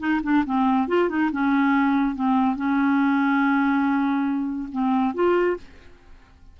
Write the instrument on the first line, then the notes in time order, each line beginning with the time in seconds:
clarinet
0.00 D#4
0.24 D4
0.46 C4
0.88 F4
1.10 D#4
1.32 C#4
2.15 C4
2.56 C#4
4.72 C4
5.15 F4